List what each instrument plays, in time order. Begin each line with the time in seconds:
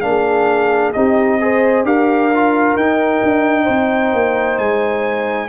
0.00 tuba A#3, trombone D4, trumpet F5
0.06 horn G#4
0.92 tuba C4, trombone D#4, horn G4, trumpet D#5
1.40 trombone G#4, horn C5
1.84 tuba D4, trombone G4, horn A#4, trumpet F5
2.33 trombone F4
2.75 tuba D#4, trombone D#4, trumpet G5
3.22 tuba D4
3.63 tuba C4, horn C5
4.13 tuba A#3
4.58 tuba G#3, trumpet G#5